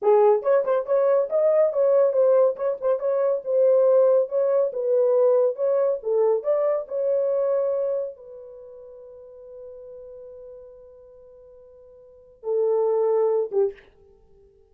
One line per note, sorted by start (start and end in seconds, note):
0.02 0.42 G#4
0.42 0.63 C#5
0.64 0.86 C5
0.86 1.29 C#5
1.29 1.72 D#5
1.72 2.13 C#5
2.13 2.55 C5
2.56 2.77 C#5
2.81 2.99 C5
2.99 3.42 C#5
3.44 4.28 C5
4.28 4.71 C#5
4.73 5.55 B4
5.55 5.98 C#5
6.02 6.43 A4
6.43 6.86 D5
6.87 8.16 C#5
8.16 12.43 B4
12.43 13.50 A4
13.51 13.73 G4